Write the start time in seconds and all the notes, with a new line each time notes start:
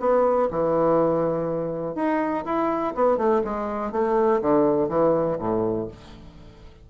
0.00 B3
0.51 E3
1.95 D#4
2.45 E4
2.95 B3
3.17 A3
3.44 G#3
3.92 A3
4.42 D3
4.88 E3
5.39 A2